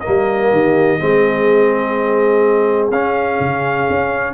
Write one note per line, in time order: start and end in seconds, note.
0.00 0.99 A#3
0.00 0.49 A#4
0.00 2.88 D#5
0.07 0.51 G3
0.51 0.99 D#3
0.51 0.99 G4
0.99 2.90 G#3
0.99 2.91 C4
0.99 4.33 G#4
2.90 3.38 C#4
2.90 4.33 C#4
2.90 4.33 F5
3.40 3.88 C#3
3.89 4.33 C#4